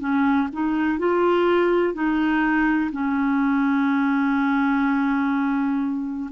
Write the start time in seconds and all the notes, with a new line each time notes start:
0.00 C#4
0.53 D#4
0.99 F4
1.94 D#4
2.92 C#4